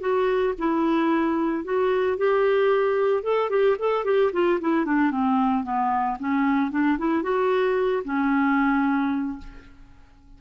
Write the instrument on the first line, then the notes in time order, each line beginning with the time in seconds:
clarinet
0.00 F#4
0.58 E4
1.64 F#4
2.17 G4
3.23 A4
3.50 G4
3.79 A4
4.04 G4
4.32 F4
4.60 E4
4.85 D4
5.11 C4
5.64 B3
6.19 C#4
6.71 D4
6.98 E4
7.22 F#4
8.04 C#4